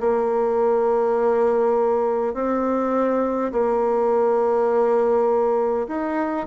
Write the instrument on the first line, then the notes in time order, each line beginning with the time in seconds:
bassoon
0.00 A#3
2.34 C4
3.52 A#3
5.88 D#4